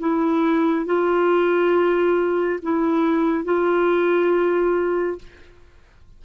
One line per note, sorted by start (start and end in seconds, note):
0.00 0.86 E4
0.86 2.60 F4
2.63 3.45 E4
3.45 5.19 F4